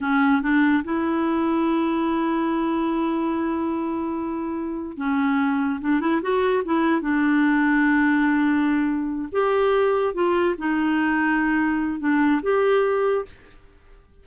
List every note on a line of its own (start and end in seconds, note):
0.00 0.42 C#4
0.42 0.83 D4
0.84 4.97 E4
4.97 5.79 C#4
5.80 6.00 D4
6.00 6.21 E4
6.21 6.63 F#4
6.64 7.01 E4
7.01 9.28 D4
9.32 10.14 G4
10.14 10.55 F4
10.57 11.99 D#4
11.99 12.41 D4
12.42 13.25 G4